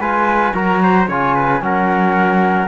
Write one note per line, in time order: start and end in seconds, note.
0.00 0.54 G#3
0.00 0.54 F4
0.00 0.54 B4
0.00 0.54 G#5
0.54 1.08 F#3
0.54 1.08 F#4
0.54 0.81 A#4
0.54 1.09 A#5
0.83 1.08 C5
1.08 1.61 C#3
1.08 1.61 F4
1.08 1.35 C#5
1.08 1.63 G#5
1.35 1.62 B4
1.61 2.69 F#3
1.61 2.68 C#4
1.61 2.69 A#4
1.61 2.69 F#5